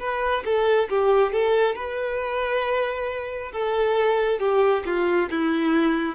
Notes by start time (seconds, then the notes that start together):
0.00 B4
0.45 A4
0.90 G4
1.33 A4
1.76 B4
3.53 A4
4.40 G4
4.86 F4
5.31 E4